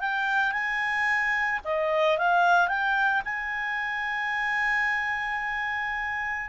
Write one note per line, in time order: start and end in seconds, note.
0.00 0.52 G5
0.52 1.60 G#5
1.64 2.18 D#5
2.18 2.68 F5
2.68 3.22 G5
3.25 6.49 G#5